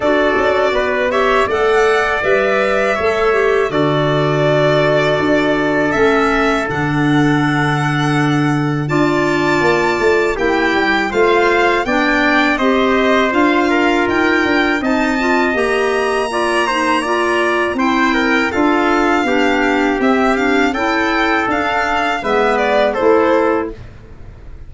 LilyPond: <<
  \new Staff \with { instrumentName = "violin" } { \time 4/4 \tempo 4 = 81 d''4. e''8 fis''4 e''4~ | e''4 d''2. | e''4 fis''2. | a''2 g''4 f''4 |
g''4 dis''4 f''4 g''4 | a''4 ais''2. | g''4 f''2 e''8 f''8 | g''4 f''4 e''8 d''8 c''4 | }
  \new Staff \with { instrumentName = "trumpet" } { \time 4/4 a'4 b'8 cis''8 d''2 | cis''4 a'2.~ | a'1 | d''2 g'4 c''4 |
d''4 c''4. ais'4. | dis''2 d''8 c''8 d''4 | c''8 ais'8 a'4 g'2 | a'2 b'4 a'4 | }
  \new Staff \with { instrumentName = "clarinet" } { \time 4/4 fis'4. g'8 a'4 b'4 | a'8 g'8 fis'2. | cis'4 d'2. | f'2 e'4 f'4 |
d'4 g'4 f'2 | dis'8 f'8 g'4 f'8 dis'8 f'4 | e'4 f'4 d'4 c'8 d'8 | e'4 d'4 b4 e'4 | }
  \new Staff \with { instrumentName = "tuba" } { \time 4/4 d'8 cis'8 b4 a4 g4 | a4 d2 d'4 | a4 d2. | d'4 ais8 a8 ais8 g8 a4 |
b4 c'4 d'4 dis'8 d'8 | c'4 ais2. | c'4 d'4 b4 c'4 | cis'4 d'4 gis4 a4 | }
>>